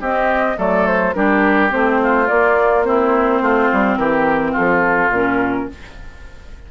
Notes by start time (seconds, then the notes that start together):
0.00 C4 G4 D#5
0.56 F#3 A3 A4 D5
0.86 C5
1.13 G3 D4 G4 A#4
1.69 A3 C4 C5
2.02 F4
2.25 A#3 D5
2.84 C4 E4 C5
3.41 A3 F4
3.73 G3
3.96 E3 G4 A#4
4.51 F4 A4
4.57 F3
5.09 A#2 C#4 A#4